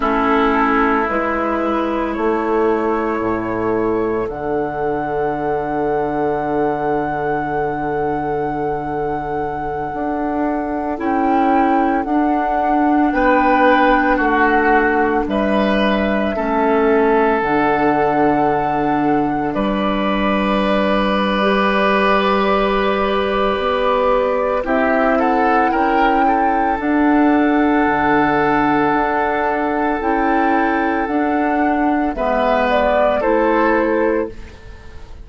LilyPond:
<<
  \new Staff \with { instrumentName = "flute" } { \time 4/4 \tempo 4 = 56 a'4 b'4 cis''2 | fis''1~ | fis''2~ fis''16 g''4 fis''8.~ | fis''16 g''4 fis''4 e''4.~ e''16~ |
e''16 fis''2 d''4.~ d''16~ | d''2. e''8 fis''8 | g''4 fis''2. | g''4 fis''4 e''8 d''8 c''4 | }
  \new Staff \with { instrumentName = "oboe" } { \time 4/4 e'2 a'2~ | a'1~ | a'1~ | a'16 b'4 fis'4 b'4 a'8.~ |
a'2~ a'16 b'4.~ b'16~ | b'2. g'8 a'8 | ais'8 a'2.~ a'8~ | a'2 b'4 a'4 | }
  \new Staff \with { instrumentName = "clarinet" } { \time 4/4 cis'4 e'2. | d'1~ | d'2~ d'16 e'4 d'8.~ | d'2.~ d'16 cis'8.~ |
cis'16 d'2.~ d'8. | g'2. e'4~ | e'4 d'2. | e'4 d'4 b4 e'4 | }
  \new Staff \with { instrumentName = "bassoon" } { \time 4/4 a4 gis4 a4 a,4 | d1~ | d4~ d16 d'4 cis'4 d'8.~ | d'16 b4 a4 g4 a8.~ |
a16 d2 g4.~ g16~ | g2 b4 c'4 | cis'4 d'4 d4 d'4 | cis'4 d'4 gis4 a4 | }
>>